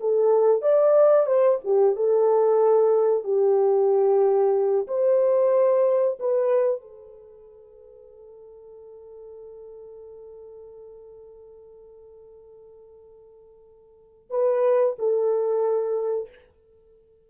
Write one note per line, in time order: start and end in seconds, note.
0.00 0.61 A4
0.61 1.26 D5
1.26 1.58 C5
1.64 1.95 G4
1.95 3.24 A4
3.24 4.87 G4
4.87 6.18 C5
6.19 6.81 B4
6.81 14.30 A4
14.30 14.95 B4
14.98 16.29 A4